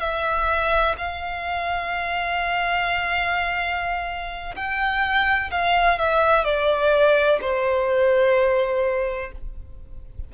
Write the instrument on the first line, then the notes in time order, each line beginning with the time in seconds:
violin
0.00 E5
0.97 F5
4.55 G5
5.51 F5
5.98 E5
6.44 D5
7.41 C5